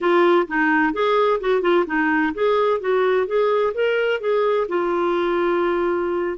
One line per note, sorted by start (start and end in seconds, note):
0.00 0.47 F4
0.47 0.93 D#4
0.93 1.40 G#4
1.40 1.61 F#4
1.61 1.84 F4
1.86 2.33 D#4
2.33 2.80 G#4
2.80 3.26 F#4
3.26 3.73 G#4
3.73 4.20 A#4
4.20 4.67 G#4
4.68 6.37 F4